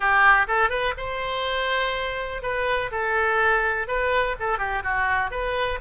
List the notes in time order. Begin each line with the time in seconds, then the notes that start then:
0.00 G4
0.47 A4
0.69 B4
0.97 C5
2.42 B4
2.91 A4
3.87 B4
4.39 A4
4.58 G4
4.83 F#4
5.30 B4